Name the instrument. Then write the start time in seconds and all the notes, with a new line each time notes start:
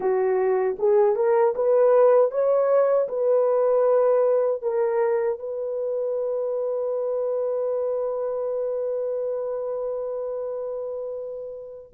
horn
0.00 F#4
0.78 G#4
1.15 A#4
1.55 B4
2.31 C#5
3.08 B4
4.62 A#4
5.38 B4